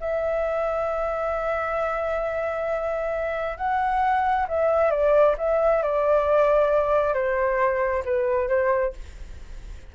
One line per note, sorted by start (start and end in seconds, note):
0.00 3.57 E5
3.57 4.46 F#5
4.48 4.90 E5
4.90 5.35 D5
5.38 5.82 E5
5.82 7.13 D5
7.13 8.03 C5
8.05 8.48 B4
8.48 8.93 C5